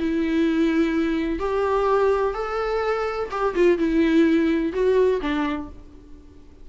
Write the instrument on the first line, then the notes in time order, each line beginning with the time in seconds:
viola
0.00 E4
1.40 G4
2.34 A4
3.31 G4
3.55 F4
3.78 E4
4.73 F#4
5.21 D4